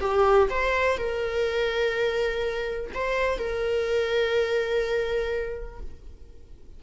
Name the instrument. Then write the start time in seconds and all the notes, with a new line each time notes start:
viola
0.00 G4
0.50 C5
0.97 A#4
2.94 C5
3.38 A#4